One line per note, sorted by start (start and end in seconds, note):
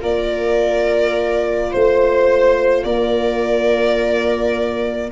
0.00 1.72 A#3
0.00 5.09 F4
0.00 1.70 A#4
0.00 1.72 D5
1.70 2.85 A3
1.70 2.83 C5
1.70 2.84 C5
2.84 5.11 A#3
2.84 5.11 A#4
2.84 5.10 D5